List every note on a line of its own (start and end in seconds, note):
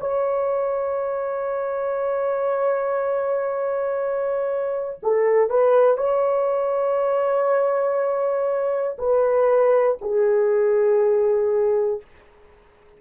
0.00 5.00 C#5
5.03 5.50 A4
5.50 5.98 B4
5.98 8.98 C#5
8.99 9.99 B4
10.01 12.01 G#4